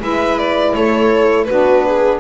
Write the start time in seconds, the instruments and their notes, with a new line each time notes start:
0.00 double bass G#3, saxophone E4, viola B4, violin E5
0.39 violin D5
0.75 double bass A3, viola A4, violin C#5
1.45 double bass B3, saxophone D4, viola F#4, violin B4
1.86 viola G#4